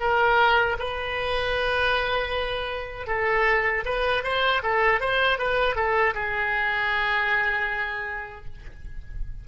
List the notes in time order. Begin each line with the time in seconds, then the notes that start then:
0.00 A#4
0.79 B4
3.07 A4
3.85 B4
4.24 C5
4.63 A4
5.01 C5
5.39 B4
5.76 A4
6.15 G#4